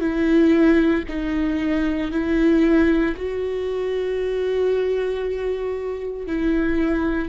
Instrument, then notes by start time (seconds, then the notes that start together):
viola
0.00 E4
1.08 D#4
2.12 E4
3.16 F#4
6.27 E4